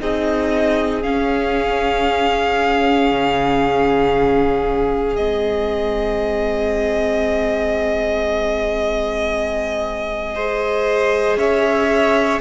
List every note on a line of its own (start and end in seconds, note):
0.00 1.05 C4
0.00 1.03 D#4
0.00 10.35 G#4
0.00 1.02 D#5
1.02 5.17 C#4
1.02 3.11 C#4
1.02 5.16 F5
3.11 5.17 C#3
5.16 11.37 G#3
5.16 10.34 C4
5.16 11.37 D#5
10.34 12.41 G#4
10.34 11.38 C5
11.37 12.40 C#4
11.37 12.41 C#5
11.37 12.41 E5